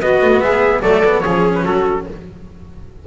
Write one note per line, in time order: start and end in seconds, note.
0.00 0.20 B3
0.00 0.83 B3
0.00 0.43 F#4
0.00 0.40 D#5
0.21 0.40 A3
0.40 0.80 G#3
0.40 0.82 G#4
0.40 0.81 E5
0.82 1.23 F#3
0.82 1.03 A3
0.82 1.22 A4
0.82 1.20 D5
1.04 1.25 B3
1.20 1.65 F3
1.20 2.07 C#4
1.20 1.63 G#4
1.20 1.50 C#5
1.54 1.64 B4
1.63 2.06 F#3
1.63 2.04 F#4
1.63 2.05 A4